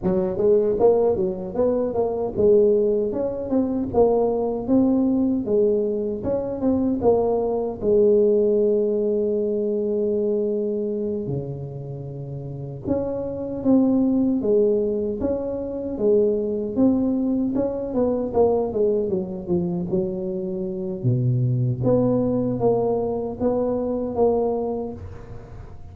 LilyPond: \new Staff \with { instrumentName = "tuba" } { \time 4/4 \tempo 4 = 77 fis8 gis8 ais8 fis8 b8 ais8 gis4 | cis'8 c'8 ais4 c'4 gis4 | cis'8 c'8 ais4 gis2~ | gis2~ gis8 cis4.~ |
cis8 cis'4 c'4 gis4 cis'8~ | cis'8 gis4 c'4 cis'8 b8 ais8 | gis8 fis8 f8 fis4. b,4 | b4 ais4 b4 ais4 | }